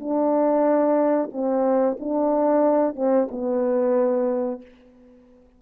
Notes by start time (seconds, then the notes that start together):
0.00 D4
1.33 C4
2.00 D4
2.96 C4
3.32 B3